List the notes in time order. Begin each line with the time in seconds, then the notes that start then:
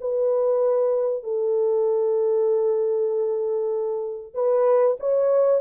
0.00 B4
1.23 A4
4.34 B4
5.00 C#5